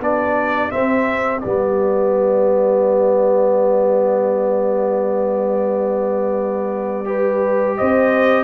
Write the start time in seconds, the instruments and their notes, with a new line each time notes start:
0.00 tuba B3, trombone D4, horn G4, trumpet D5
0.70 trombone C4, tuba C4, trumpet E5
1.39 tuba G3, trombone B3, trumpet D5
7.05 trombone G4, horn B4
7.77 tuba C4, horn C5, trumpet D#5